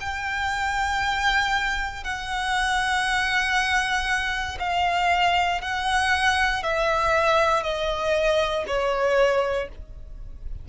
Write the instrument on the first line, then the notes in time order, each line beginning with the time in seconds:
violin
0.00 G5
2.03 F#5
4.59 F5
5.61 F#5
6.63 E5
7.63 D#5
8.67 C#5